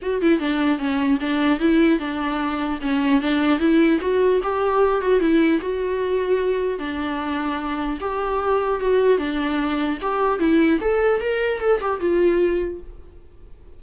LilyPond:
\new Staff \with { instrumentName = "viola" } { \time 4/4 \tempo 4 = 150 fis'8 e'8 d'4 cis'4 d'4 | e'4 d'2 cis'4 | d'4 e'4 fis'4 g'4~ | g'8 fis'8 e'4 fis'2~ |
fis'4 d'2. | g'2 fis'4 d'4~ | d'4 g'4 e'4 a'4 | ais'4 a'8 g'8 f'2 | }